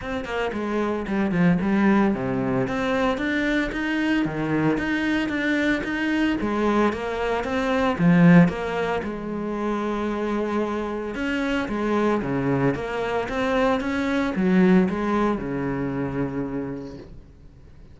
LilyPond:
\new Staff \with { instrumentName = "cello" } { \time 4/4 \tempo 4 = 113 c'8 ais8 gis4 g8 f8 g4 | c4 c'4 d'4 dis'4 | dis4 dis'4 d'4 dis'4 | gis4 ais4 c'4 f4 |
ais4 gis2.~ | gis4 cis'4 gis4 cis4 | ais4 c'4 cis'4 fis4 | gis4 cis2. | }